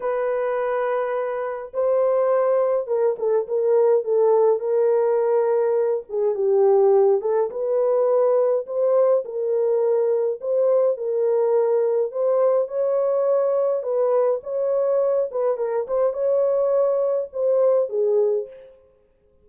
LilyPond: \new Staff \with { instrumentName = "horn" } { \time 4/4 \tempo 4 = 104 b'2. c''4~ | c''4 ais'8 a'8 ais'4 a'4 | ais'2~ ais'8 gis'8 g'4~ | g'8 a'8 b'2 c''4 |
ais'2 c''4 ais'4~ | ais'4 c''4 cis''2 | b'4 cis''4. b'8 ais'8 c''8 | cis''2 c''4 gis'4 | }